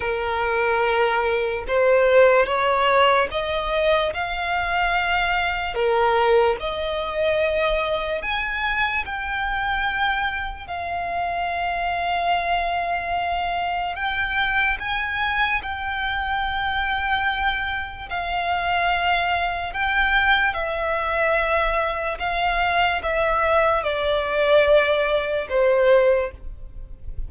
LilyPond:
\new Staff \with { instrumentName = "violin" } { \time 4/4 \tempo 4 = 73 ais'2 c''4 cis''4 | dis''4 f''2 ais'4 | dis''2 gis''4 g''4~ | g''4 f''2.~ |
f''4 g''4 gis''4 g''4~ | g''2 f''2 | g''4 e''2 f''4 | e''4 d''2 c''4 | }